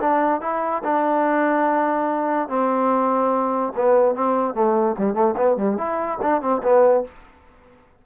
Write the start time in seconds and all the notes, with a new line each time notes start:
0.00 D4
0.41 E4
0.83 D4
2.48 C4
3.76 B3
4.15 C4
4.54 A3
4.98 G3
5.14 A3
5.37 B3
5.56 G3
5.77 E4
6.22 D4
6.41 C4
6.63 B3